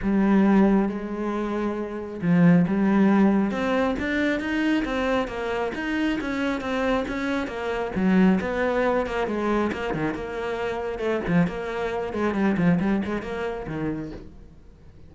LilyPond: \new Staff \with { instrumentName = "cello" } { \time 4/4 \tempo 4 = 136 g2 gis2~ | gis4 f4 g2 | c'4 d'4 dis'4 c'4 | ais4 dis'4 cis'4 c'4 |
cis'4 ais4 fis4 b4~ | b8 ais8 gis4 ais8 dis8 ais4~ | ais4 a8 f8 ais4. gis8 | g8 f8 g8 gis8 ais4 dis4 | }